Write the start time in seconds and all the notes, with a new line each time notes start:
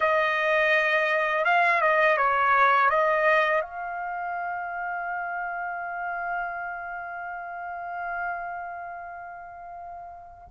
0.00 D#5
1.45 F5
1.81 D#5
2.17 C#5
2.89 D#5
3.61 F5